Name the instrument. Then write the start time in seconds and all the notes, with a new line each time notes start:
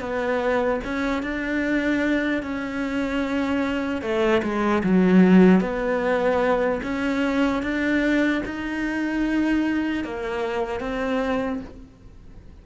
cello
0.00 B3
0.84 C#4
1.23 D4
2.43 C#4
4.02 A3
4.43 G#3
4.83 F#3
5.60 B3
6.83 C#4
7.63 D4
8.45 D#4
10.04 A#3
10.80 C4